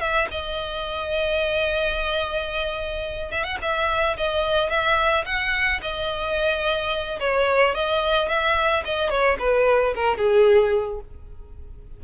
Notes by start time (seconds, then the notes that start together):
0.00 E5
0.31 D#5
3.31 E5
3.43 F#5
3.61 E5
4.16 D#5
4.69 E5
5.25 F#5
5.81 D#5
7.19 C#5
7.74 D#5
8.28 E5
8.84 D#5
9.09 C#5
9.39 B4
9.95 A#4
10.17 G#4